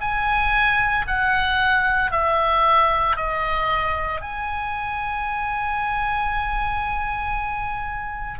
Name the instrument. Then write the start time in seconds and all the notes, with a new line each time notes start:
oboe
0.00 G#5
1.07 F#5
2.11 E5
3.16 D#5
4.21 G#5